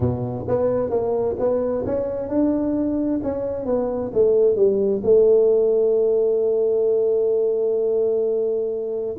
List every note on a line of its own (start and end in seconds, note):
0.00 0.45 B2
0.48 0.90 B3
0.90 1.35 A#3
1.39 1.84 B3
1.85 2.28 C#4
2.28 3.20 D4
3.23 3.65 C#4
3.65 4.11 B3
4.13 4.55 A3
4.55 5.01 G3
5.03 9.15 A3